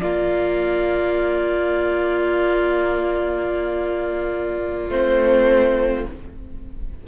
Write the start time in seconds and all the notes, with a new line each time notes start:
0.00 A#3 F4 D5
4.90 A3 C4 C5